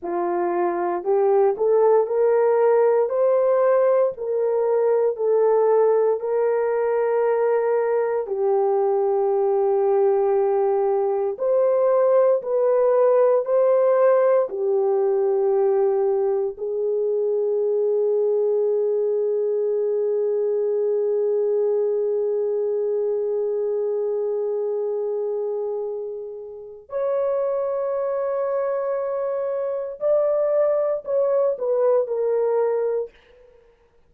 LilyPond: \new Staff \with { instrumentName = "horn" } { \time 4/4 \tempo 4 = 58 f'4 g'8 a'8 ais'4 c''4 | ais'4 a'4 ais'2 | g'2. c''4 | b'4 c''4 g'2 |
gis'1~ | gis'1~ | gis'2 cis''2~ | cis''4 d''4 cis''8 b'8 ais'4 | }